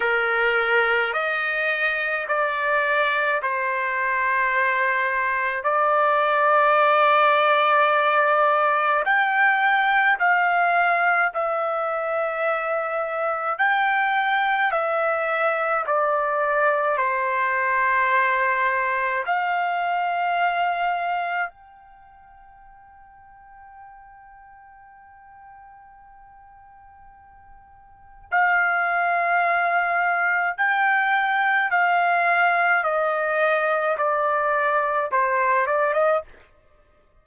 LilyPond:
\new Staff \with { instrumentName = "trumpet" } { \time 4/4 \tempo 4 = 53 ais'4 dis''4 d''4 c''4~ | c''4 d''2. | g''4 f''4 e''2 | g''4 e''4 d''4 c''4~ |
c''4 f''2 g''4~ | g''1~ | g''4 f''2 g''4 | f''4 dis''4 d''4 c''8 d''16 dis''16 | }